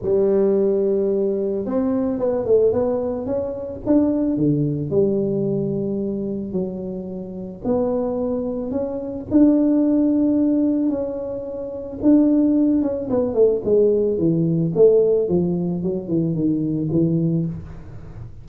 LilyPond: \new Staff \with { instrumentName = "tuba" } { \time 4/4 \tempo 4 = 110 g2. c'4 | b8 a8 b4 cis'4 d'4 | d4 g2. | fis2 b2 |
cis'4 d'2. | cis'2 d'4. cis'8 | b8 a8 gis4 e4 a4 | f4 fis8 e8 dis4 e4 | }